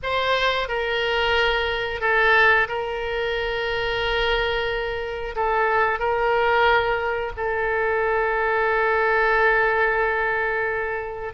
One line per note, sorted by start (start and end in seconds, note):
0.02 0.68 C5
0.68 2.00 A#4
2.00 2.67 A4
2.68 5.35 A#4
5.35 5.98 A4
5.98 7.32 A#4
7.37 11.33 A4